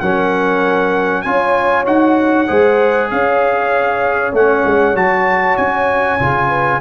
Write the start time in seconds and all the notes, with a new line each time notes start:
0.00 F#3 C#4 A#4 F#5
1.22 C#4 F4 C#5 G#5
1.85 D#4 F#4 F#5
2.48 G#3 G#4 C5
3.11 C#4 C#5 F5
4.33 A3 C#4 F#5
4.65 G#3
4.95 F#3 F#4 A5
5.57 C#4 G#5
6.20 C#3 F4
6.48 B4